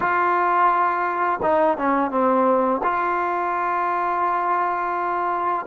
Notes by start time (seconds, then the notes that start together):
0.00 F4
1.42 D#4
1.77 C#4
2.10 C4
2.83 F4